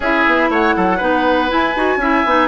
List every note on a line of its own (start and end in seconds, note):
0.00 0.25 C#4
0.00 1.00 E4
0.00 0.49 G#4
0.00 0.51 E5
0.26 0.49 B3
0.49 0.74 A3
0.49 0.75 C#5
0.49 1.51 F#5
0.76 1.00 F#3
0.76 0.97 A4
0.97 1.50 B3
0.97 1.49 D#4
0.97 1.97 B4
1.49 1.74 E4
1.49 1.75 E4
1.49 2.48 G#5
1.75 1.96 D#4
1.75 2.00 F#4
1.96 2.21 C#4
1.96 2.25 E4
1.96 2.48 E5
2.24 2.48 B3
2.24 2.48 D#4